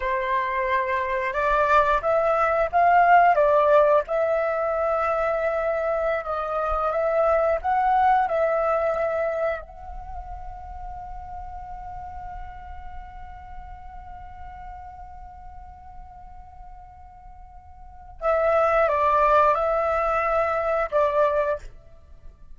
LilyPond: \new Staff \with { instrumentName = "flute" } { \time 4/4 \tempo 4 = 89 c''2 d''4 e''4 | f''4 d''4 e''2~ | e''4~ e''16 dis''4 e''4 fis''8.~ | fis''16 e''2 fis''4.~ fis''16~ |
fis''1~ | fis''1~ | fis''2. e''4 | d''4 e''2 d''4 | }